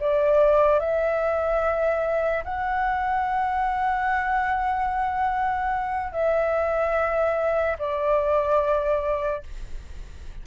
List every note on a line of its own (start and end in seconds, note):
0.00 0.80 D5
0.80 2.44 E5
2.45 6.13 F#5
6.13 7.77 E5
7.79 9.43 D5